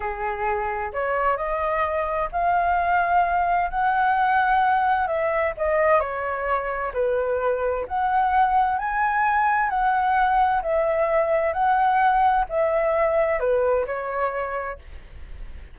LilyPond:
\new Staff \with { instrumentName = "flute" } { \time 4/4 \tempo 4 = 130 gis'2 cis''4 dis''4~ | dis''4 f''2. | fis''2. e''4 | dis''4 cis''2 b'4~ |
b'4 fis''2 gis''4~ | gis''4 fis''2 e''4~ | e''4 fis''2 e''4~ | e''4 b'4 cis''2 | }